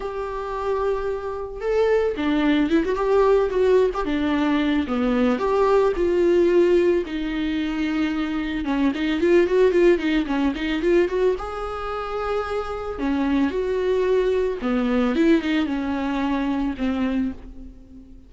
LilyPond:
\new Staff \with { instrumentName = "viola" } { \time 4/4 \tempo 4 = 111 g'2. a'4 | d'4 e'16 fis'16 g'4 fis'8. g'16 d'8~ | d'4 b4 g'4 f'4~ | f'4 dis'2. |
cis'8 dis'8 f'8 fis'8 f'8 dis'8 cis'8 dis'8 | f'8 fis'8 gis'2. | cis'4 fis'2 b4 | e'8 dis'8 cis'2 c'4 | }